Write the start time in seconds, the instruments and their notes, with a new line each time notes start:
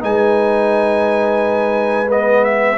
0.00 tuba G#3, trombone D#4, horn B4, trumpet G#5
2.08 trombone B3, trumpet D#5
2.44 trumpet E5